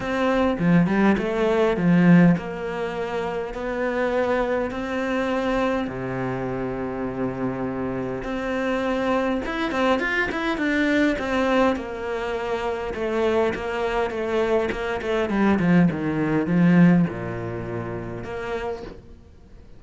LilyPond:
\new Staff \with { instrumentName = "cello" } { \time 4/4 \tempo 4 = 102 c'4 f8 g8 a4 f4 | ais2 b2 | c'2 c2~ | c2 c'2 |
e'8 c'8 f'8 e'8 d'4 c'4 | ais2 a4 ais4 | a4 ais8 a8 g8 f8 dis4 | f4 ais,2 ais4 | }